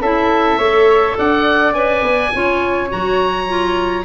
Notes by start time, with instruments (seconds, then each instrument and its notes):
0.00 tuba C#4, clarinet E4, flute A4, oboe E5
0.58 tuba A3, clarinet A4, flute C#5
1.17 tuba D4, flute D5, oboe F#5
1.73 tuba C#4, clarinet B4, oboe G#5
2.03 tuba B3
2.34 tuba C#4, clarinet F4, flute C#5
2.89 tuba F#3, clarinet F#4, oboe A#5
3.48 clarinet F4